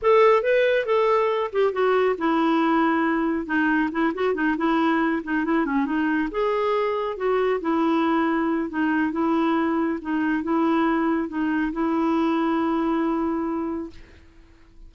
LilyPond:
\new Staff \with { instrumentName = "clarinet" } { \time 4/4 \tempo 4 = 138 a'4 b'4 a'4. g'8 | fis'4 e'2. | dis'4 e'8 fis'8 dis'8 e'4. | dis'8 e'8 cis'8 dis'4 gis'4.~ |
gis'8 fis'4 e'2~ e'8 | dis'4 e'2 dis'4 | e'2 dis'4 e'4~ | e'1 | }